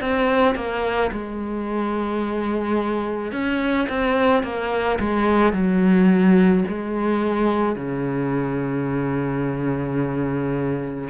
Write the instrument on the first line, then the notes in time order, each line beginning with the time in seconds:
cello
0.00 C4
0.55 A#3
1.12 G#3
3.32 C#4
3.88 C4
4.43 A#3
4.99 G#3
5.53 F#3
6.68 G#3
7.75 C#3